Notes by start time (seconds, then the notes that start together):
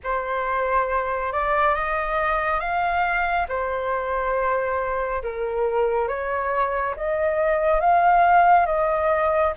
0.03 C5
1.32 D5
1.74 D#5
2.59 F5
3.48 C5
5.23 A#4
6.08 C#5
6.96 D#5
7.80 F5
8.66 D#5